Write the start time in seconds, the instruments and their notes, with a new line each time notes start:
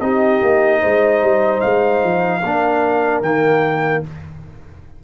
0.00 tuba C4, trombone D#4, horn G4, trumpet D#5
0.42 tuba A#3
0.80 tuba G#3, horn C5
1.21 tuba G3
1.60 tuba G#3, trumpet F5
2.03 tuba F3
2.41 tuba A#3, trombone D4, horn A#4
3.21 tuba D#3, trombone A#3, trumpet G5